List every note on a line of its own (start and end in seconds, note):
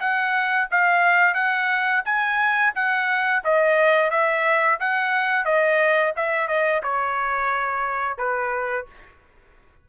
0.00 0.68 F#5
0.71 1.34 F5
1.34 2.02 F#5
2.05 2.73 G#5
2.75 3.43 F#5
3.44 4.11 D#5
4.11 4.79 E5
4.80 5.45 F#5
5.45 6.13 D#5
6.16 6.48 E5
6.48 6.82 D#5
6.83 8.18 C#5
8.18 8.86 B4